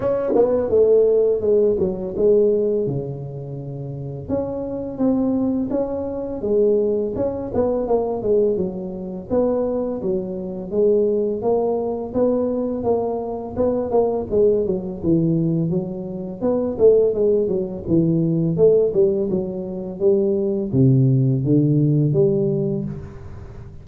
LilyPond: \new Staff \with { instrumentName = "tuba" } { \time 4/4 \tempo 4 = 84 cis'8 b8 a4 gis8 fis8 gis4 | cis2 cis'4 c'4 | cis'4 gis4 cis'8 b8 ais8 gis8 | fis4 b4 fis4 gis4 |
ais4 b4 ais4 b8 ais8 | gis8 fis8 e4 fis4 b8 a8 | gis8 fis8 e4 a8 g8 fis4 | g4 c4 d4 g4 | }